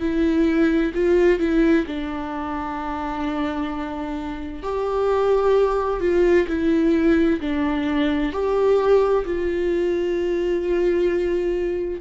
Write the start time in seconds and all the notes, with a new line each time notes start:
0.00 E4
0.94 F4
1.39 E4
1.87 D4
4.63 G4
6.01 F4
6.47 E4
7.41 D4
8.32 G4
9.25 F4